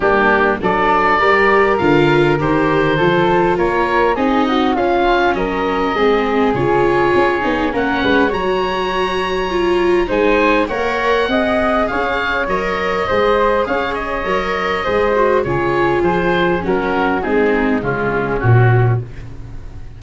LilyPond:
<<
  \new Staff \with { instrumentName = "oboe" } { \time 4/4 \tempo 4 = 101 g'4 d''2 f''4 | c''2 cis''4 dis''4 | f''4 dis''2 cis''4~ | cis''4 fis''4 ais''2~ |
ais''4 gis''4 fis''2 | f''4 dis''2 f''8 dis''8~ | dis''2 cis''4 c''4 | ais'4 gis'4 f'4 fis'4 | }
  \new Staff \with { instrumentName = "flute" } { \time 4/4 d'4 a'4 ais'2~ | ais'4 a'4 ais'4 gis'8 fis'8 | f'4 ais'4 gis'2~ | gis'4 ais'8 b'8 cis''2~ |
cis''4 c''4 cis''4 dis''4 | cis''2 c''4 cis''4~ | cis''4 c''4 gis'2 | fis'4 dis'4 cis'2 | }
  \new Staff \with { instrumentName = "viola" } { \time 4/4 ais4 d'4 g'4 f'4 | g'4 f'2 dis'4 | cis'2 c'4 f'4~ | f'8 dis'8 cis'4 fis'2 |
f'4 dis'4 ais'4 gis'4~ | gis'4 ais'4 gis'2 | ais'4 gis'8 fis'8 f'2 | cis'4 c'4 gis4 fis4 | }
  \new Staff \with { instrumentName = "tuba" } { \time 4/4 g4 fis4 g4 d4 | dis4 f4 ais4 c'4 | cis'4 fis4 gis4 cis4 | cis'8 b8 ais8 gis8 fis2~ |
fis4 gis4 ais4 c'4 | cis'4 fis4 gis4 cis'4 | fis4 gis4 cis4 f4 | fis4 gis4 cis4 ais,4 | }
>>